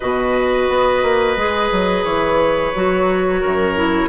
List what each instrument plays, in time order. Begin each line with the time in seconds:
0.00 bassoon B2, clarinet F#4, oboe B4, flute D#5
0.69 bassoon B3
1.02 bassoon A#3
1.36 bassoon G#3, clarinet G#4
1.71 bassoon F#3
2.04 bassoon E3, flute C#5
2.75 bassoon F#3, clarinet F#4
3.40 bassoon F#2, oboe A#4
3.75 clarinet E4